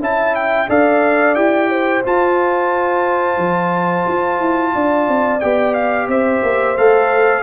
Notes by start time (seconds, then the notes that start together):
0.00 C#4 E4 E5 A5
0.35 G5
0.68 D4 A4 D5 F5
1.35 E4 G4 G5
1.70 C5
2.03 F4 A5
3.37 F3
4.07 F4
4.40 E4
4.74 D4 D5
5.08 C4
5.40 B3 G4 G5
5.74 F5
6.07 C4 C5 E5
6.43 A#3
6.77 A3 A4 F5